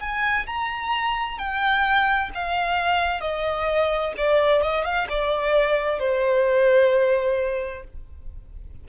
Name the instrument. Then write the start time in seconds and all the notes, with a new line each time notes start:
violin
0.00 G#5
0.47 A#5
1.38 G5
2.34 F5
3.21 D#5
4.17 D5
4.62 D#5
4.84 F5
5.09 D5
5.99 C5